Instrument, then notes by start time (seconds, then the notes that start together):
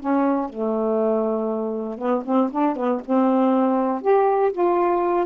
saxophone
0.00 C#4
0.50 A3
1.98 B3
2.25 C4
2.51 D4
2.76 B3
3.06 C4
4.02 G4
4.53 F4